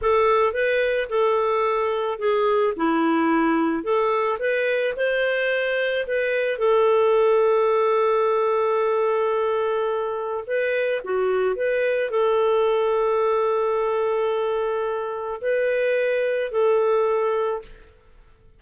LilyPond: \new Staff \with { instrumentName = "clarinet" } { \time 4/4 \tempo 4 = 109 a'4 b'4 a'2 | gis'4 e'2 a'4 | b'4 c''2 b'4 | a'1~ |
a'2. b'4 | fis'4 b'4 a'2~ | a'1 | b'2 a'2 | }